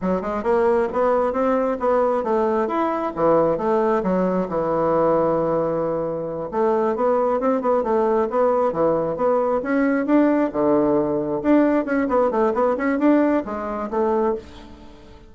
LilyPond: \new Staff \with { instrumentName = "bassoon" } { \time 4/4 \tempo 4 = 134 fis8 gis8 ais4 b4 c'4 | b4 a4 e'4 e4 | a4 fis4 e2~ | e2~ e8 a4 b8~ |
b8 c'8 b8 a4 b4 e8~ | e8 b4 cis'4 d'4 d8~ | d4. d'4 cis'8 b8 a8 | b8 cis'8 d'4 gis4 a4 | }